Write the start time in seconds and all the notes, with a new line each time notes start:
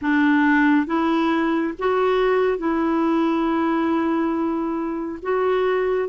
0.01 D4
0.86 E4
1.78 F#4
2.58 E4
5.22 F#4